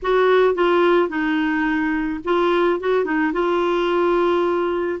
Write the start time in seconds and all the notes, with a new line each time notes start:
0.02 F#4
0.54 F4
1.08 D#4
2.24 F4
2.80 F#4
3.04 D#4
3.32 F4